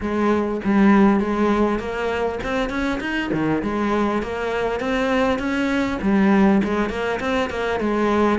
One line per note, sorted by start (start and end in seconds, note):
0.00 0.60 G#3
0.64 1.20 G3
1.20 1.79 G#3
1.79 2.39 A#3
2.43 2.69 C4
2.69 2.99 C#4
3.00 3.30 D#4
3.32 3.62 D#3
3.62 4.22 G#3
4.22 4.80 A#3
4.80 5.38 C4
5.38 5.98 C#4
6.01 6.61 G3
6.63 6.89 G#3
6.89 7.19 A#3
7.19 7.49 C4
7.49 7.79 A#3
7.80 8.39 G#3